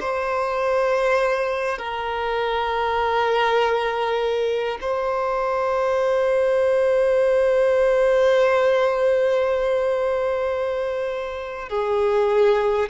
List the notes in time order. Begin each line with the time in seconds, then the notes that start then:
0.00 C5
1.78 A#4
4.81 C5
11.69 G#4